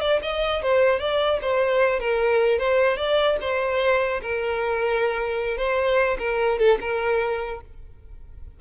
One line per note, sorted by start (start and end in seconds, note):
0.00 0.20 D5
0.22 0.62 D#5
0.62 0.99 C5
0.99 1.39 D5
1.41 2.00 C5
2.00 2.58 A#4
2.58 2.97 C5
2.97 3.37 D5
3.41 4.21 C5
4.22 5.57 A#4
5.57 6.17 C5
6.18 6.58 A#4
6.58 6.78 A4
6.80 7.60 A#4